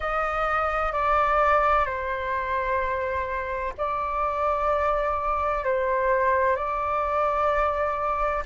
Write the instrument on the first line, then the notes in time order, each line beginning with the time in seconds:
flute
0.00 D#5
0.92 D5
1.85 C5
3.78 D5
5.64 C5
6.56 D5